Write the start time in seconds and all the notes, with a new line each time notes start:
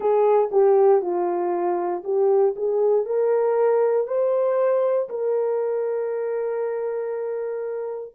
0.00 G#4
0.51 G4
1.01 F4
2.03 G4
2.56 G#4
3.05 A#4
4.07 C5
5.09 A#4